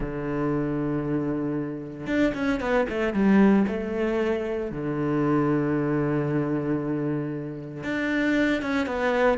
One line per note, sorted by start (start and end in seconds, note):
0.00 2.06 D3
2.06 2.32 D4
2.34 2.60 C#4
2.60 2.86 B3
2.89 3.13 A3
3.13 3.65 G3
3.67 4.71 A3
4.71 7.83 D3
7.83 8.61 D4
8.61 8.86 C#4
8.86 9.38 B3